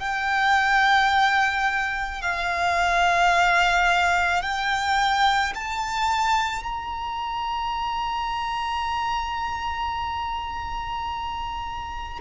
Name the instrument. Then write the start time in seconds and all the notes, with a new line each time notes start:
violin
0.00 G5
2.22 F5
4.42 G5
5.55 A5
6.64 A#5